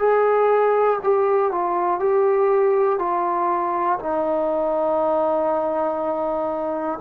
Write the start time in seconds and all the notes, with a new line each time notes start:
0.00 G#4
1.04 G4
1.52 F4
2.00 G4
3.00 F4
4.00 D#4